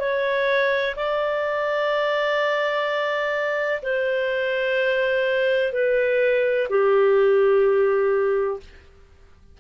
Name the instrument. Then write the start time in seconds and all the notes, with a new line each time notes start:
clarinet
0.00 C#5
0.96 D5
3.82 C5
5.73 B4
6.70 G4